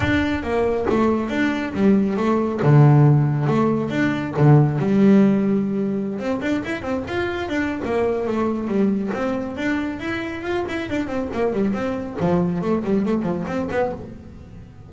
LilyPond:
\new Staff \with { instrumentName = "double bass" } { \time 4/4 \tempo 4 = 138 d'4 ais4 a4 d'4 | g4 a4 d2 | a4 d'4 d4 g4~ | g2~ g16 c'8 d'8 e'8 c'16~ |
c'16 f'4 d'8. ais4 a4 | g4 c'4 d'4 e'4 | f'8 e'8 d'8 c'8 ais8 g8 c'4 | f4 a8 g8 a8 f8 c'8 b8 | }